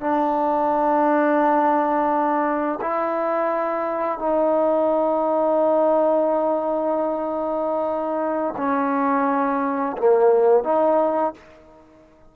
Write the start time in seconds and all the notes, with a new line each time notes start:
0.00 D4
2.81 E4
4.19 D#4
8.57 C#4
9.97 A#3
10.64 D#4